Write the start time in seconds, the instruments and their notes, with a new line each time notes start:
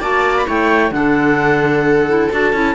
0.00 cello A#3, clarinet F#4 A5, viola D5
0.36 clarinet B5
0.45 cello A3, clarinet E4 G5, viola C#5
0.91 cello D3, clarinet D4 F#5, viola A4
2.08 clarinet E4
2.31 cello D4, clarinet F#4 A5
2.52 cello C#4, clarinet E4